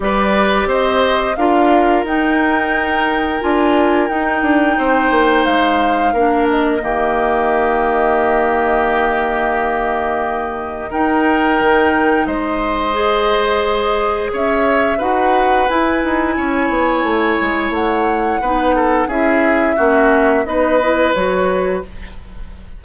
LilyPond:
<<
  \new Staff \with { instrumentName = "flute" } { \time 4/4 \tempo 4 = 88 d''4 dis''4 f''4 g''4~ | g''4 gis''4 g''2 | f''4. dis''2~ dis''8~ | dis''1 |
g''2 dis''2~ | dis''4 e''4 fis''4 gis''4~ | gis''2 fis''2 | e''2 dis''4 cis''4 | }
  \new Staff \with { instrumentName = "oboe" } { \time 4/4 b'4 c''4 ais'2~ | ais'2. c''4~ | c''4 ais'4 g'2~ | g'1 |
ais'2 c''2~ | c''4 cis''4 b'2 | cis''2. b'8 a'8 | gis'4 fis'4 b'2 | }
  \new Staff \with { instrumentName = "clarinet" } { \time 4/4 g'2 f'4 dis'4~ | dis'4 f'4 dis'2~ | dis'4 d'4 ais2~ | ais1 |
dis'2. gis'4~ | gis'2 fis'4 e'4~ | e'2. dis'4 | e'4 cis'4 dis'8 e'8 fis'4 | }
  \new Staff \with { instrumentName = "bassoon" } { \time 4/4 g4 c'4 d'4 dis'4~ | dis'4 d'4 dis'8 d'8 c'8 ais8 | gis4 ais4 dis2~ | dis1 |
dis'4 dis4 gis2~ | gis4 cis'4 dis'4 e'8 dis'8 | cis'8 b8 a8 gis8 a4 b4 | cis'4 ais4 b4 fis4 | }
>>